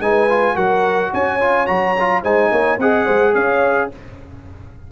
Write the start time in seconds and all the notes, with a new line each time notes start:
0.00 G#3 D#4 B4 G#5
0.29 F4
0.55 F#3 F#4 A#4 F#5
1.13 C#4 C#5 G#5
1.40 F4
1.66 F#3 F#4 A#5
2.00 F4
2.23 G#3 D#4 C5 G#5
2.52 A#3 C#5
2.78 C4 G#4 D#5 F#5
3.05 G#3 C5
3.34 C#4 C#5 F5